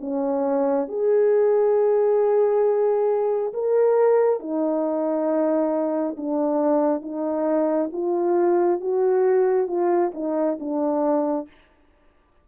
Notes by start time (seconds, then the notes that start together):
0.00 C#4
0.88 G#4
3.53 A#4
4.40 D#4
6.16 D4
7.01 D#4
7.93 F4
8.80 F#4
9.67 F4
10.14 D#4
10.59 D4